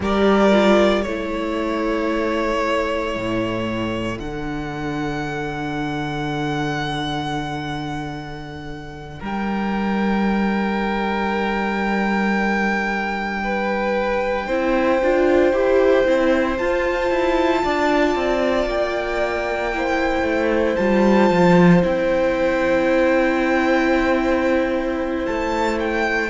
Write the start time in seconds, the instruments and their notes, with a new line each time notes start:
0.00 cello G3, viola G4, violin A#4 D5
0.51 viola F4
1.02 cello A3, viola E4, violin A4 C#5
3.16 cello A2
4.19 cello D3, viola D4, violin F#5
9.19 cello G3, violin A#4 G5
13.43 violin B4
14.46 cello C4, viola E4, violin C5
15.02 cello D4, viola F4
15.52 cello E4, viola G4
16.04 cello C4, viola E4
16.57 cello F4, viola F4, violin A5
17.10 cello E4
17.63 cello D4, violin D5
18.15 cello C4
18.66 cello A#3, violin G5
19.73 viola E4, violin C5
20.22 cello A3
20.76 cello G3, viola F4, violin A5
21.30 cello F3
21.82 cello C4, viola E4, violin G5
25.25 cello A3, violin A5
25.79 violin G5